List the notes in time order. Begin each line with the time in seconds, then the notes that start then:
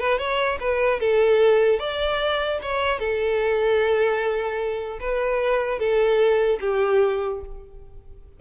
0.00 B4
0.19 C#5
0.61 B4
1.00 A4
1.79 D5
2.62 C#5
2.99 A4
5.00 B4
5.80 A4
6.61 G4